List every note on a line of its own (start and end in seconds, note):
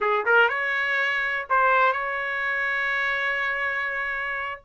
0.00 0.25 G#4
0.25 0.48 A#4
0.48 1.46 C#5
1.49 1.93 C5
1.93 4.61 C#5